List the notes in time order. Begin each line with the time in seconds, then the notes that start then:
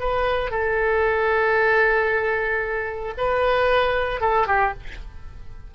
0.00 B4
0.51 A4
3.17 B4
4.21 A4
4.47 G4